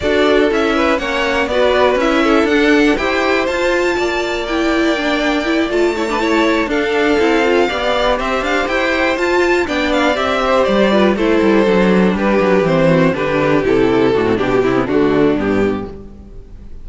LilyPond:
<<
  \new Staff \with { instrumentName = "violin" } { \time 4/4 \tempo 4 = 121 d''4 e''4 fis''4 d''4 | e''4 fis''4 g''4 a''4~ | a''4 g''2~ g''8 a''8~ | a''4. f''2~ f''8~ |
f''8 e''8 f''8 g''4 a''4 g''8 | f''8 e''4 d''4 c''4.~ | c''8 b'4 c''4 b'4 a'8~ | a'4 g'8 e'8 fis'4 g'4 | }
  \new Staff \with { instrumentName = "violin" } { \time 4/4 a'4. b'8 cis''4 b'4~ | b'8 a'4. c''2 | d''1 | cis''16 b'16 cis''4 a'2 d''8~ |
d''8 c''2. d''8~ | d''4 c''4 b'8 a'4.~ | a'8 g'4. fis'8 g'4.~ | g'8 fis'8 g'4 d'2 | }
  \new Staff \with { instrumentName = "viola" } { \time 4/4 fis'4 e'4 cis'4 fis'4 | e'4 d'4 g'4 f'4~ | f'4 e'4 d'4 e'8 f'8 | e'16 d'16 e'4 d'4 e'8 f'8 g'8~ |
g'2~ g'8 f'4 d'8~ | d'8 g'4. f'8 e'4 d'8~ | d'4. c'4 d'4 e'8~ | e'8 d'16 c'16 d'8 c'16 b16 a4 b4 | }
  \new Staff \with { instrumentName = "cello" } { \time 4/4 d'4 cis'4 ais4 b4 | cis'4 d'4 e'4 f'4 | ais2.~ ais8 a8~ | a4. d'4 c'4 b8~ |
b8 c'8 d'8 e'4 f'4 b8~ | b8 c'4 g4 a8 g8 fis8~ | fis8 g8 fis8 e4 d4 c8~ | c8 a,8 b,8 c8 d4 g,4 | }
>>